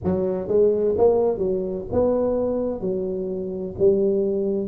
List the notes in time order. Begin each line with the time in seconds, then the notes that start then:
0.04 F#3
0.47 G#3
0.97 A#3
1.38 F#3
1.92 B3
2.80 F#3
3.78 G3